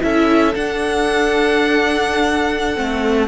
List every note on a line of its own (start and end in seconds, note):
0.00 0.55 C#4
0.00 0.52 E4
0.00 3.28 A4
0.00 0.55 E5
0.55 2.75 D4
0.55 2.77 D4
0.55 3.28 F#5
2.75 3.28 A3
2.75 3.27 C4